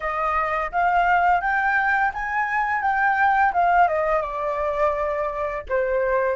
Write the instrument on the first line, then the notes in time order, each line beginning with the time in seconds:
flute
0.00 D#5
0.71 F5
1.41 G5
2.13 G#5
2.81 G5
3.53 F5
3.88 D#5
4.21 D5
5.69 C5